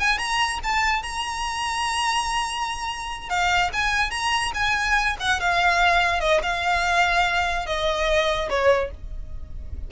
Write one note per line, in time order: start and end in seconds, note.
0.00 0.18 G#5
0.18 0.60 A#5
0.63 1.03 A5
1.03 3.30 A#5
3.30 3.71 F5
3.73 4.11 G#5
4.11 4.52 A#5
4.54 5.16 G#5
5.20 5.40 F#5
5.40 6.20 F5
6.20 6.41 D#5
6.43 7.66 F5
7.66 8.49 D#5
8.49 8.91 C#5